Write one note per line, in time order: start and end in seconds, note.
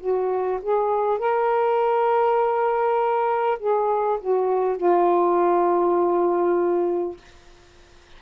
0.00 0.60 F#4
0.62 1.19 G#4
1.19 3.59 A#4
3.59 4.19 G#4
4.21 4.77 F#4
4.77 7.17 F4